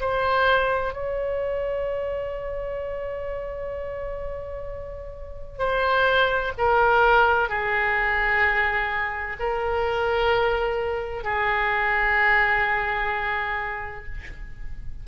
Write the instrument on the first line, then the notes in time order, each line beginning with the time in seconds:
oboe
0.00 C5
0.93 C#5
5.59 C5
6.58 A#4
7.49 G#4
9.39 A#4
11.24 G#4